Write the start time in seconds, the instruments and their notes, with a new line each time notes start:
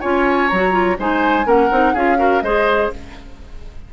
0.00 bassoon C#4, clarinet F4, oboe C#5, flute G#5
0.48 bassoon F#3, flute A#5
0.55 clarinet F#4
0.71 clarinet F4
0.98 bassoon G#3, clarinet D#4, oboe C5, flute G#5
1.44 bassoon A#3, clarinet C#4, oboe A#4, flute F#5
1.71 bassoon C4, clarinet D#4
1.93 bassoon C#4, clarinet F4, oboe G#4, flute F5
2.17 clarinet F#4, oboe A#4
2.42 bassoon G#3, clarinet G#4, oboe C5, flute D#5